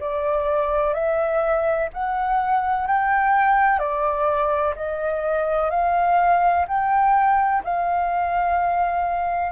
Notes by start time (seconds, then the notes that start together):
0.00 D5
0.94 E5
1.94 F#5
2.87 G5
3.79 D5
4.76 D#5
5.70 F5
6.68 G5
7.64 F5